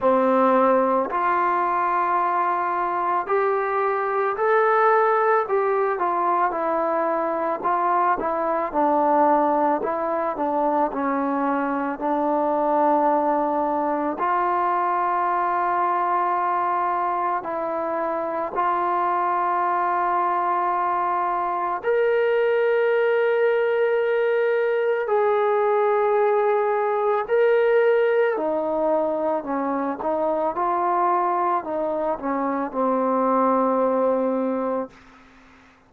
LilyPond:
\new Staff \with { instrumentName = "trombone" } { \time 4/4 \tempo 4 = 55 c'4 f'2 g'4 | a'4 g'8 f'8 e'4 f'8 e'8 | d'4 e'8 d'8 cis'4 d'4~ | d'4 f'2. |
e'4 f'2. | ais'2. gis'4~ | gis'4 ais'4 dis'4 cis'8 dis'8 | f'4 dis'8 cis'8 c'2 | }